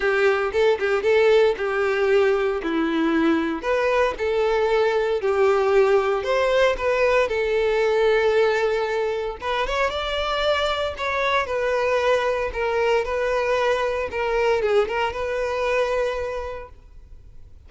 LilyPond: \new Staff \with { instrumentName = "violin" } { \time 4/4 \tempo 4 = 115 g'4 a'8 g'8 a'4 g'4~ | g'4 e'2 b'4 | a'2 g'2 | c''4 b'4 a'2~ |
a'2 b'8 cis''8 d''4~ | d''4 cis''4 b'2 | ais'4 b'2 ais'4 | gis'8 ais'8 b'2. | }